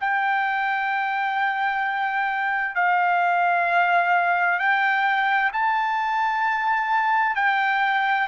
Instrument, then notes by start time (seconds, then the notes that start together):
trumpet
0.00 G5
2.75 F5
4.59 G5
5.52 A5
7.35 G5